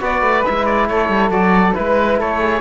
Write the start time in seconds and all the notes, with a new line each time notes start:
0.00 B3 F#4 B4 D5
0.21 A3
0.44 G#3 E4 E5
0.65 D5
0.88 A3 A4 C#5
1.09 G3
1.29 F#3 F#4 D5
1.74 G#3 E4 B4
2.19 A3 A4 C#5
2.40 G#4